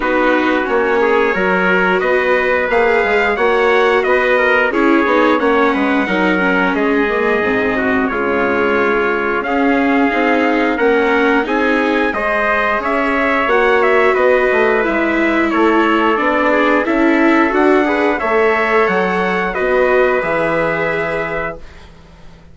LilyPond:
<<
  \new Staff \with { instrumentName = "trumpet" } { \time 4/4 \tempo 4 = 89 b'4 cis''2 dis''4 | f''4 fis''4 dis''4 cis''4 | fis''2 dis''2 | cis''2 f''2 |
fis''4 gis''4 dis''4 e''4 | fis''8 e''8 dis''4 e''4 cis''4 | d''4 e''4 fis''4 e''4 | fis''4 dis''4 e''2 | }
  \new Staff \with { instrumentName = "trumpet" } { \time 4/4 fis'4. gis'8 ais'4 b'4~ | b'4 cis''4 b'8 ais'8 gis'4 | cis''8 b'8 ais'4 gis'4. fis'8 | f'2 gis'2 |
ais'4 gis'4 c''4 cis''4~ | cis''4 b'2 a'4~ | a'8 gis'8 a'4. b'8 cis''4~ | cis''4 b'2. | }
  \new Staff \with { instrumentName = "viola" } { \time 4/4 dis'4 cis'4 fis'2 | gis'4 fis'2 e'8 dis'8 | cis'4 dis'8 cis'4 ais8 c'4 | gis2 cis'4 dis'4 |
cis'4 dis'4 gis'2 | fis'2 e'2 | d'4 e'4 fis'8 gis'8 a'4~ | a'4 fis'4 gis'2 | }
  \new Staff \with { instrumentName = "bassoon" } { \time 4/4 b4 ais4 fis4 b4 | ais8 gis8 ais4 b4 cis'8 b8 | ais8 gis8 fis4 gis4 gis,4 | cis2 cis'4 c'4 |
ais4 c'4 gis4 cis'4 | ais4 b8 a8 gis4 a4 | b4 cis'4 d'4 a4 | fis4 b4 e2 | }
>>